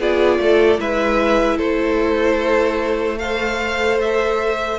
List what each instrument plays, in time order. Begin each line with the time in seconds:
0.00 cello B3, viola F4, violin G#4 D5
0.39 cello A3, violin A4
0.79 cello G#3, viola E4, violin B4 E5
1.57 cello A3, violin A4 C5
3.18 viola A4, violin C5 F5
4.01 violin E5